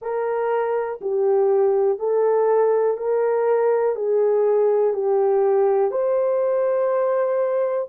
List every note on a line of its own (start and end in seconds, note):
0.01 1.00 A#4
1.01 1.99 G4
1.99 2.97 A4
2.97 3.95 A#4
3.95 4.93 G#4
4.93 5.91 G4
5.91 7.87 C5